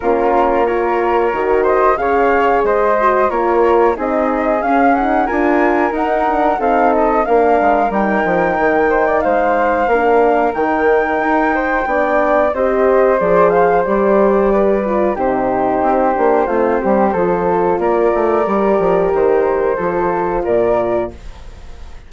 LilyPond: <<
  \new Staff \with { instrumentName = "flute" } { \time 4/4 \tempo 4 = 91 ais'4 cis''4. dis''8 f''4 | dis''4 cis''4 dis''4 f''8 fis''8 | gis''4 fis''4 f''8 dis''8 f''4 | g''2 f''2 |
g''2. dis''4 | d''8 f''8 d''2 c''4~ | c''2. d''4~ | d''4 c''2 d''4 | }
  \new Staff \with { instrumentName = "flute" } { \time 4/4 f'4 ais'4. c''8 cis''4 | c''4 ais'4 gis'2 | ais'2 a'4 ais'4~ | ais'4. c''16 d''16 c''4 ais'4~ |
ais'4. c''8 d''4 c''4~ | c''2 b'4 g'4~ | g'4 f'8 g'8 a'4 ais'4~ | ais'2 a'4 ais'4 | }
  \new Staff \with { instrumentName = "horn" } { \time 4/4 cis'4 f'4 fis'4 gis'4~ | gis'8 fis'8 f'4 dis'4 cis'8 dis'8 | f'4 dis'8 d'8 dis'4 d'4 | dis'2. d'4 |
dis'2 d'4 g'4 | gis'4 g'4. f'8 dis'4~ | dis'8 d'8 c'4 f'2 | g'2 f'2 | }
  \new Staff \with { instrumentName = "bassoon" } { \time 4/4 ais2 dis4 cis4 | gis4 ais4 c'4 cis'4 | d'4 dis'4 c'4 ais8 gis8 | g8 f8 dis4 gis4 ais4 |
dis4 dis'4 b4 c'4 | f4 g2 c4 | c'8 ais8 a8 g8 f4 ais8 a8 | g8 f8 dis4 f4 ais,4 | }
>>